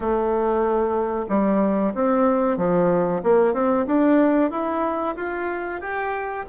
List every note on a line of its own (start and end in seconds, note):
0.00 1.26 A3
1.28 1.93 G3
1.94 2.57 C4
2.57 3.21 F3
3.23 3.53 A#3
3.53 3.86 C4
3.86 4.50 D4
4.50 5.15 E4
5.16 5.80 F4
5.81 6.45 G4